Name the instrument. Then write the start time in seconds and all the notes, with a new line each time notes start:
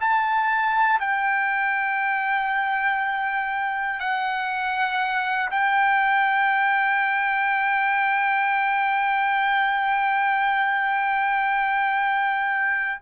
trumpet
0.00 A5
0.99 G5
3.99 F#5
5.50 G5